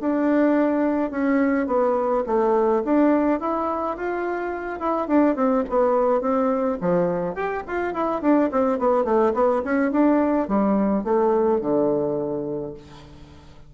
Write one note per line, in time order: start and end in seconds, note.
0.00 1.10 D4
1.10 1.67 C#4
1.67 2.23 B3
2.26 2.83 A3
2.85 3.40 D4
3.40 3.96 E4
3.96 4.79 F4
4.79 5.07 E4
5.07 5.35 D4
5.35 5.64 C4
5.69 6.21 B3
6.21 6.77 C4
6.81 7.35 F3
7.35 7.63 G4
7.67 7.93 F4
7.93 8.21 E4
8.21 8.50 D4
8.51 8.78 C4
8.78 9.04 B3
9.04 9.32 A3
9.33 9.62 B3
9.64 9.91 C#4
9.91 10.48 D4
10.48 11.04 G3
11.04 11.60 A3
11.60 12.73 D3